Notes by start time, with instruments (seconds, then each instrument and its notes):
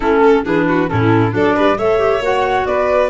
0.00 tuba A3, clarinet C#4, violin E4, flute A4
0.22 violin A4
0.44 tuba E3, clarinet D4, violin G#4, flute B4
0.67 violin F#4
0.87 tuba A2, clarinet C#4, violin E4, flute A4
1.30 tuba F#3, clarinet D4, violin A4, flute D5
1.55 tuba G3, violin B4
1.77 tuba A3, clarinet A4, violin C#5, flute E5
1.98 clarinet G4
2.20 tuba A#3, clarinet F#4, flute F#5
2.66 tuba B3, violin B4, flute D5